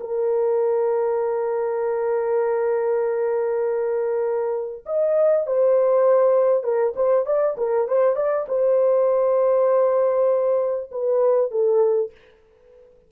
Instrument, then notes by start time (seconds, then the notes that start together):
horn
0.00 A#4
4.86 D#5
5.46 C5
6.63 A#4
6.95 C5
7.26 D5
7.57 A#4
7.88 C5
8.15 D5
8.48 C5
10.91 B4
11.51 A4